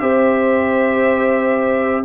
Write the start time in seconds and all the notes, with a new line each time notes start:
0.00 C4 G4 C5 E5